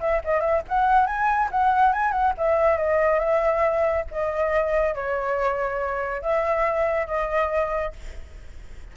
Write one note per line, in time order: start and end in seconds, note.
0.00 0.21 E5
0.25 0.41 D#5
0.41 0.62 E5
0.68 1.06 F#5
1.06 1.49 G#5
1.51 1.93 F#5
1.93 2.12 G#5
2.12 2.33 F#5
2.38 2.77 E5
2.77 3.19 D#5
3.19 4.05 E5
4.11 4.95 D#5
4.95 6.21 C#5
6.21 7.07 E5
7.07 7.93 D#5